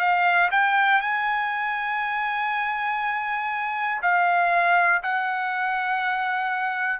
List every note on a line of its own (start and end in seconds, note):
0.00 0.50 F5
0.52 1.02 G5
1.02 4.02 G#5
4.02 5.02 F5
5.03 7.00 F#5